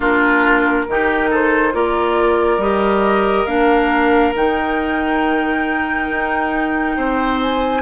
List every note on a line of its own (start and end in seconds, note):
0.00 0.86 A#3
0.00 0.86 D4
0.00 0.84 F4
0.00 1.34 A#4
0.87 1.73 D#3
0.87 1.72 D#4
0.87 1.30 G4
1.30 1.73 A4
1.30 1.74 C5
1.72 2.57 A#3
1.72 2.59 F4
1.72 6.96 A#4
1.72 2.61 D5
2.57 3.44 G3
2.57 3.47 G4
2.57 3.46 D#5
3.46 4.33 A#3
3.46 4.34 D4
3.46 4.33 F5
4.34 6.09 D#3
4.34 7.82 D#4
4.34 7.40 G5
6.10 6.97 D#4
6.96 7.82 C4
6.96 7.82 C5
7.41 7.82 G#5